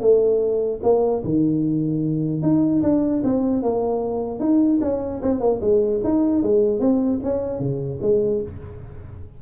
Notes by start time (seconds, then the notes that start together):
0.00 A3
0.83 A#3
1.24 D#3
2.42 D#4
2.82 D4
3.23 C4
3.62 A#3
4.39 D#4
4.81 C#4
5.22 C4
5.40 A#3
5.61 G#3
6.03 D#4
6.42 G#3
6.79 C4
7.23 C#4
7.59 C#3
8.02 G#3